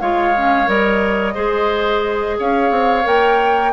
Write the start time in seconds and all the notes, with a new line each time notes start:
0.00 G#3 F4 C#5 F5
0.36 C#4
0.66 G3 A#4 D#5
1.34 G#3 G#4 C5
2.38 C#4 C#5 F5
2.70 C4
3.03 A#3 A#4 G5